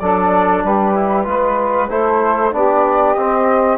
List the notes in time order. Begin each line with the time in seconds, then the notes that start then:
0.00 F#3 D4 A4 D5
0.64 G3 G4 B4
0.95 E4
1.25 G#3 F4 B4
1.89 A3 E4 A4 C5
2.52 B3 D4 G4 D5
3.14 C4 D#5
3.20 C4